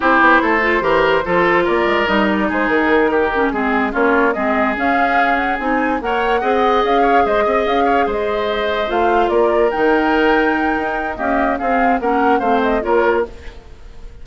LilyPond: <<
  \new Staff \with { instrumentName = "flute" } { \time 4/4 \tempo 4 = 145 c''1 | d''4 dis''8 d''8 c''8 ais'4.~ | ais'8 gis'4 cis''4 dis''4 f''8~ | f''4 fis''8 gis''4 fis''4.~ |
fis''8 f''4 dis''4 f''4 dis''8~ | dis''4. f''4 d''4 g''8~ | g''2. dis''4 | f''4 fis''4 f''8 dis''8 cis''4 | }
  \new Staff \with { instrumentName = "oboe" } { \time 4/4 g'4 a'4 ais'4 a'4 | ais'2 gis'4. g'8~ | g'8 gis'4 f'4 gis'4.~ | gis'2~ gis'8 cis''4 dis''8~ |
dis''4 cis''8 c''8 dis''4 cis''8 c''8~ | c''2~ c''8 ais'4.~ | ais'2. g'4 | gis'4 ais'4 c''4 ais'4 | }
  \new Staff \with { instrumentName = "clarinet" } { \time 4/4 e'4. f'8 g'4 f'4~ | f'4 dis'2. | cis'8 c'4 cis'4 c'4 cis'8~ | cis'4. dis'4 ais'4 gis'8~ |
gis'1~ | gis'4. f'2 dis'8~ | dis'2. ais4 | c'4 cis'4 c'4 f'4 | }
  \new Staff \with { instrumentName = "bassoon" } { \time 4/4 c'8 b8 a4 e4 f4 | ais8 gis8 g4 gis8 dis4.~ | dis8 gis4 ais4 gis4 cis'8~ | cis'4. c'4 ais4 c'8~ |
c'8 cis'4 gis8 c'8 cis'4 gis8~ | gis4. a4 ais4 dis8~ | dis2 dis'4 cis'4 | c'4 ais4 a4 ais4 | }
>>